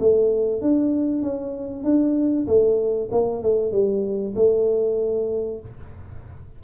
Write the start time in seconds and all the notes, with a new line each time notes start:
0.00 A3
0.61 D4
1.22 C#4
1.84 D4
2.47 A3
3.11 A#3
3.43 A3
3.72 G3
4.35 A3